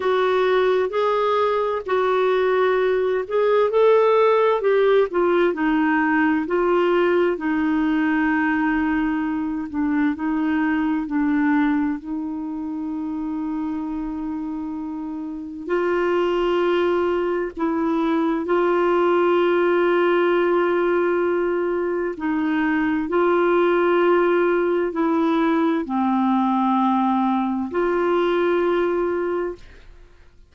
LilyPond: \new Staff \with { instrumentName = "clarinet" } { \time 4/4 \tempo 4 = 65 fis'4 gis'4 fis'4. gis'8 | a'4 g'8 f'8 dis'4 f'4 | dis'2~ dis'8 d'8 dis'4 | d'4 dis'2.~ |
dis'4 f'2 e'4 | f'1 | dis'4 f'2 e'4 | c'2 f'2 | }